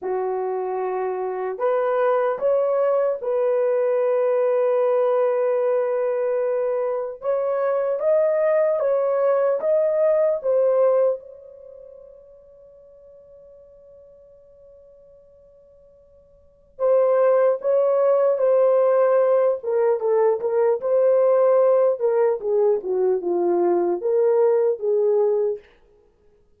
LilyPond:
\new Staff \with { instrumentName = "horn" } { \time 4/4 \tempo 4 = 75 fis'2 b'4 cis''4 | b'1~ | b'4 cis''4 dis''4 cis''4 | dis''4 c''4 cis''2~ |
cis''1~ | cis''4 c''4 cis''4 c''4~ | c''8 ais'8 a'8 ais'8 c''4. ais'8 | gis'8 fis'8 f'4 ais'4 gis'4 | }